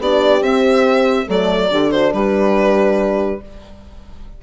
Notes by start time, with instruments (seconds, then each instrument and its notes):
0.00 bassoon B3, horn D4 G4, violin D5
0.41 bassoon C4, horn C4, violin E5
1.26 bassoon F#3, horn A3 A4, violin D5
1.70 bassoon D3, horn D4 G4
1.91 horn F#4, violin C5
2.13 bassoon G3, horn G4, violin B4